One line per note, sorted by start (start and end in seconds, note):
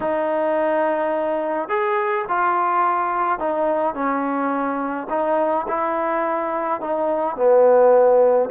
0.00 1.68 D#4
1.68 2.25 G#4
2.28 3.39 F4
3.39 3.94 D#4
3.94 5.07 C#4
5.09 5.66 D#4
5.68 6.81 E4
6.81 7.36 D#4
7.36 8.49 B3